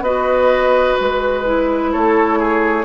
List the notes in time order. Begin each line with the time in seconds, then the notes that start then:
0.00 B3 F#4 B4 D#5
0.99 G#3 B4
1.45 E4
1.92 A3 A4 C#5
2.38 G#4